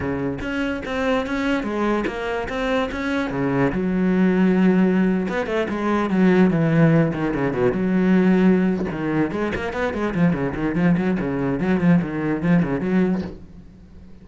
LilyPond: \new Staff \with { instrumentName = "cello" } { \time 4/4 \tempo 4 = 145 cis4 cis'4 c'4 cis'4 | gis4 ais4 c'4 cis'4 | cis4 fis2.~ | fis8. b8 a8 gis4 fis4 e16~ |
e4~ e16 dis8 cis8 b,8 fis4~ fis16~ | fis4. dis4 gis8 ais8 b8 | gis8 f8 cis8 dis8 f8 fis8 cis4 | fis8 f8 dis4 f8 cis8 fis4 | }